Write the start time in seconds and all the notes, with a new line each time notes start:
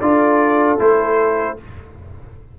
0.00 D4 F4 A4 D5
0.78 A3 E4 C5